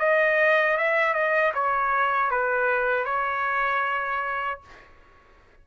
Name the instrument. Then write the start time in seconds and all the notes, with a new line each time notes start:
trumpet
0.00 D#5
0.78 E5
1.14 D#5
1.54 C#5
2.31 B4
3.05 C#5